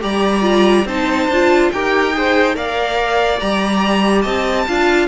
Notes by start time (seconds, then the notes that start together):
0.00 G3 G4 D5 A#5
0.42 F4
0.85 C4 D#4 C5 A5
1.28 D4 F4
1.71 D#4 G4 A#4 G5
2.12 G#4 C5
2.54 A#3 A#4 D5 F5
3.40 G3 G4 A#5
4.21 C4 D#5 A5
4.67 D4 F4 F5